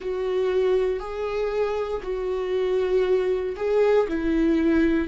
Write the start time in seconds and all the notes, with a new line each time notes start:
0.00 F#4
0.99 G#4
2.02 F#4
3.56 G#4
4.08 E4